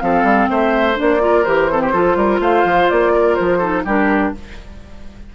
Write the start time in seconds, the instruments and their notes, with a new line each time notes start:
0.00 bassoon F3, clarinet C4, oboe A4, flute F5
0.24 bassoon G3
0.50 bassoon A3, oboe C5, flute E5
0.96 bassoon A#3, clarinet D4, flute D5
1.20 clarinet F4, oboe A#4
1.45 bassoon E3, clarinet G4, flute C5
1.72 clarinet C4, oboe A4
1.82 oboe G4
1.93 bassoon F3, clarinet F4, oboe A4
2.17 bassoon G3, oboe A#4
2.40 bassoon A3, oboe C5, flute F5
2.65 bassoon F3
2.90 bassoon A#3, flute D5
3.13 oboe A#4
3.36 bassoon F3, flute C5
3.59 clarinet D#4, oboe A4
3.85 bassoon G3, clarinet D4, oboe G4, flute A#4